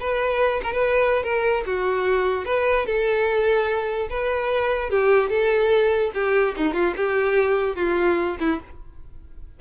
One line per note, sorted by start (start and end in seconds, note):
0.00 0.61 B4
0.63 0.72 A#4
0.72 1.23 B4
1.23 1.64 A#4
1.66 2.45 F#4
2.45 2.86 B4
2.86 4.08 A4
4.10 4.90 B4
4.90 5.29 G4
5.29 6.11 A4
6.14 6.55 G4
6.57 6.73 D#4
6.73 6.94 F4
6.96 7.76 G4
7.76 8.37 F4
8.39 8.60 E4